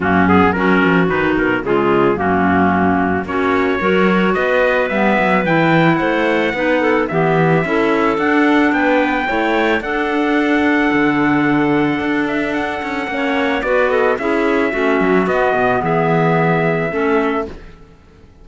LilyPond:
<<
  \new Staff \with { instrumentName = "trumpet" } { \time 4/4 \tempo 4 = 110 fis'8 gis'8 ais'4 b'8 ais'8 gis'4 | fis'2 cis''2 | dis''4 e''4 g''4 fis''4~ | fis''4 e''2 fis''4 |
g''2 fis''2~ | fis''2~ fis''8 e''8 fis''4~ | fis''4 d''8 dis''8 e''2 | dis''4 e''2. | }
  \new Staff \with { instrumentName = "clarinet" } { \time 4/4 cis'4 fis'2 f'4 | cis'2 fis'4 ais'4 | b'2. c''4 | b'8 a'8 g'4 a'2 |
b'4 cis''4 a'2~ | a'1 | cis''4 b'8 a'8 gis'4 fis'4~ | fis'4 gis'2 a'4 | }
  \new Staff \with { instrumentName = "clarinet" } { \time 4/4 ais8 b8 cis'4 dis'4 gis4 | ais2 cis'4 fis'4~ | fis'4 b4 e'2 | dis'4 b4 e'4 d'4~ |
d'4 e'4 d'2~ | d'1 | cis'4 fis'4 e'4 cis'4 | b2. cis'4 | }
  \new Staff \with { instrumentName = "cello" } { \time 4/4 fis,4 fis8 f8 dis8 b,8 cis4 | fis,2 ais4 fis4 | b4 g8 fis8 e4 a4 | b4 e4 cis'4 d'4 |
b4 a4 d'2 | d2 d'4. cis'8 | ais4 b4 cis'4 a8 fis8 | b8 b,8 e2 a4 | }
>>